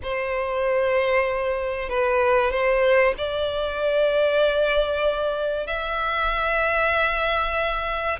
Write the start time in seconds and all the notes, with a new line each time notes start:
0.03 C5
1.89 B4
2.51 C5
3.17 D5
5.66 E5